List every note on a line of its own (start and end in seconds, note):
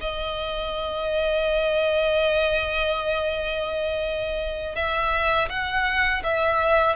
0.00 4.75 D#5
4.75 5.48 E5
5.49 6.22 F#5
6.23 6.96 E5